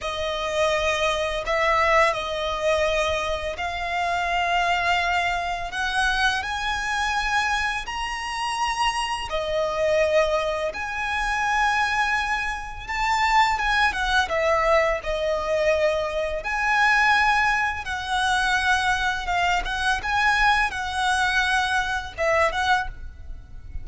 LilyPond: \new Staff \with { instrumentName = "violin" } { \time 4/4 \tempo 4 = 84 dis''2 e''4 dis''4~ | dis''4 f''2. | fis''4 gis''2 ais''4~ | ais''4 dis''2 gis''4~ |
gis''2 a''4 gis''8 fis''8 | e''4 dis''2 gis''4~ | gis''4 fis''2 f''8 fis''8 | gis''4 fis''2 e''8 fis''8 | }